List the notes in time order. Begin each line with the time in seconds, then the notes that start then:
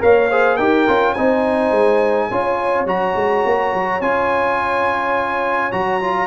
0.00 A#3 A#4 C#5 F5
0.30 G#4 C5
0.57 D#4 G4 A#4 G5
0.88 C#4 F4
1.14 C4 D#4 C5 G#5
1.71 G#3
2.31 C#4 F4 C#5
2.86 F#3 F#4 A#5
3.16 G#3
3.46 A#3
3.74 F#3
4.01 C#4 F4 G#5
5.72 F#3 F#4 A#5
6.01 F4